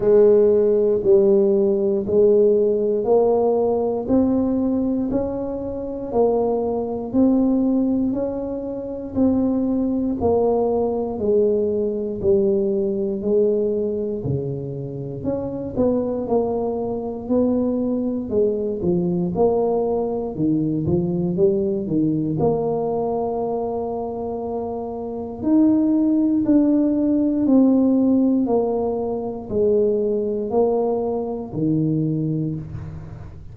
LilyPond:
\new Staff \with { instrumentName = "tuba" } { \time 4/4 \tempo 4 = 59 gis4 g4 gis4 ais4 | c'4 cis'4 ais4 c'4 | cis'4 c'4 ais4 gis4 | g4 gis4 cis4 cis'8 b8 |
ais4 b4 gis8 f8 ais4 | dis8 f8 g8 dis8 ais2~ | ais4 dis'4 d'4 c'4 | ais4 gis4 ais4 dis4 | }